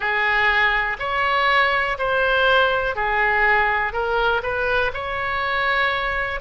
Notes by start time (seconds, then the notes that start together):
0.00 G#4
0.99 C#5
1.98 C5
2.95 G#4
3.92 A#4
4.42 B4
4.93 C#5